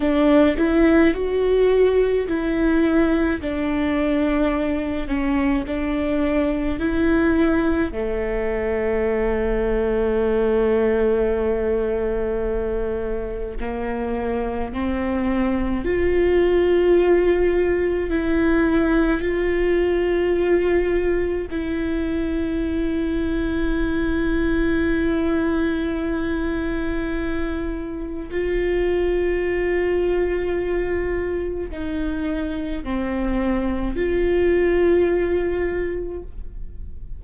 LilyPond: \new Staff \with { instrumentName = "viola" } { \time 4/4 \tempo 4 = 53 d'8 e'8 fis'4 e'4 d'4~ | d'8 cis'8 d'4 e'4 a4~ | a1 | ais4 c'4 f'2 |
e'4 f'2 e'4~ | e'1~ | e'4 f'2. | dis'4 c'4 f'2 | }